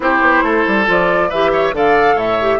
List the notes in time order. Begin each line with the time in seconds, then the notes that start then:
0.00 C4 E4 G4 C5
0.21 B3
0.42 A3 A4
0.67 G3
0.86 F3 F4 D5
1.29 E3 G4 B4 E5
1.52 C#5
1.72 D3 A4 D5 F5
2.14 A2 C#5 E5
2.40 G4